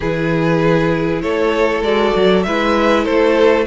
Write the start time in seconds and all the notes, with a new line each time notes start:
0.00 E3 E4 G#4 B4
1.21 A3 A4 C#5
1.81 G#3 F#4 D5
2.15 F#3
2.43 G#3 E4 B4 E5
3.03 A3 A4 C5